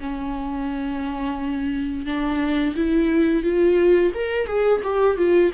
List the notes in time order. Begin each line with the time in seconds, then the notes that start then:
0.00 C#4
2.06 D4
2.76 E4
3.43 F4
4.14 A#4
4.47 G#4
4.84 G4
5.17 F4